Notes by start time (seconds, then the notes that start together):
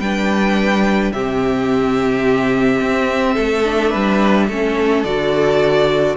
0.00 G3 D4 B4 G5
1.13 C3 C4 G4 E5
2.82 C4
3.34 A3 A4
3.65 D4
3.90 G3 B4
4.48 A3 C#4 A4
5.04 D3 F#4 D5